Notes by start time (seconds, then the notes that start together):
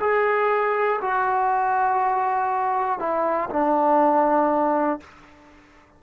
0.00 G#4
1.01 F#4
2.99 E4
3.50 D4